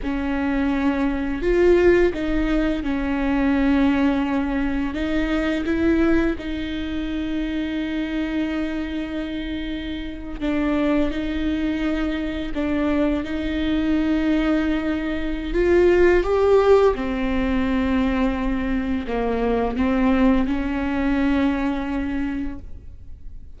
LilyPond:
\new Staff \with { instrumentName = "viola" } { \time 4/4 \tempo 4 = 85 cis'2 f'4 dis'4 | cis'2. dis'4 | e'4 dis'2.~ | dis'2~ dis'8. d'4 dis'16~ |
dis'4.~ dis'16 d'4 dis'4~ dis'16~ | dis'2 f'4 g'4 | c'2. ais4 | c'4 cis'2. | }